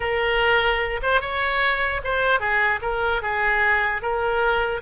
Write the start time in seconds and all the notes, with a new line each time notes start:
0.00 A#4
1.02 C5
1.20 C#5
2.04 C5
2.39 G#4
2.81 A#4
3.21 G#4
4.01 A#4